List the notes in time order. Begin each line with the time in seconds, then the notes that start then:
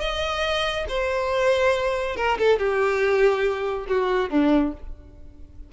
0.00 D#5
0.88 C5
2.16 A#4
2.38 A4
2.58 G4
3.88 F#4
4.30 D4